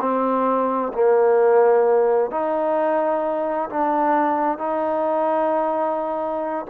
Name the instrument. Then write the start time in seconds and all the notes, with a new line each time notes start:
trombone
0.00 C4
0.94 A#3
2.31 D#4
3.70 D4
4.58 D#4